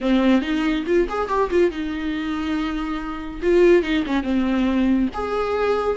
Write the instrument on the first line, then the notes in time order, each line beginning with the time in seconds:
viola
0.00 C4
0.41 D#4
0.86 F4
1.09 G#4
1.28 G4
1.50 F4
1.70 D#4
3.42 F4
3.82 D#4
4.06 C#4
4.23 C4
5.14 G#4